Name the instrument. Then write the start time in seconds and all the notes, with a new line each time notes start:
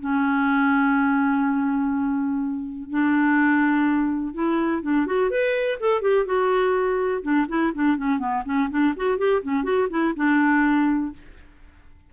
clarinet
0.00 C#4
2.90 D4
4.34 E4
4.83 D4
5.06 F#4
5.30 B4
5.80 A4
6.02 G4
6.26 F#4
7.23 D4
7.49 E4
7.75 D4
7.97 C#4
8.19 B3
8.45 C#4
8.70 D4
8.96 F#4
9.18 G4
9.43 C#4
9.64 F#4
9.90 E4
10.16 D4